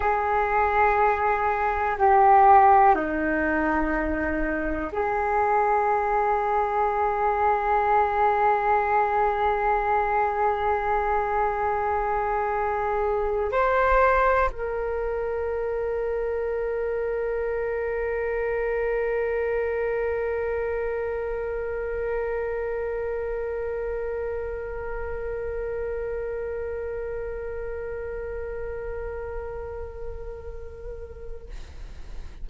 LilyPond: \new Staff \with { instrumentName = "flute" } { \time 4/4 \tempo 4 = 61 gis'2 g'4 dis'4~ | dis'4 gis'2.~ | gis'1~ | gis'4.~ gis'16 c''4 ais'4~ ais'16~ |
ais'1~ | ais'1~ | ais'1~ | ais'1 | }